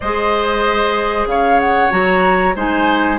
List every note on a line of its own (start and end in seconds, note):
0.00 1.26 G#3
0.00 1.90 G#4
0.00 1.28 C5
0.00 1.27 D#5
1.26 1.90 C#3
1.26 2.55 C#5
1.26 1.59 F5
1.59 1.91 F#5
1.90 2.55 F#3
1.90 2.54 F#4
1.90 2.55 A#5
2.55 3.19 G#3
2.55 3.19 D#4
2.55 3.19 C5
2.55 3.19 G#5